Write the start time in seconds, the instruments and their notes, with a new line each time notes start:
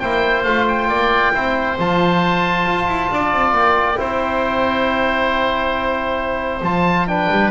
0.00 double bass A#3, trombone E4, oboe C5 G5
0.44 double bass A3, trombone F4, oboe F5
0.69 oboe G5
0.89 double bass A#3, oboe D5
1.34 double bass C4, trombone E4, oboe C5
1.79 double bass F3, trombone F4, oboe A5
2.66 double bass F4
2.88 double bass E4
3.11 double bass D4, oboe D5
3.33 double bass C4
3.53 double bass A#3, oboe G5
3.97 double bass C4, trombone E4, oboe C5
6.62 double bass F3, trombone F4, oboe A5
7.08 trombone D4, oboe B4 G5
7.31 double bass G3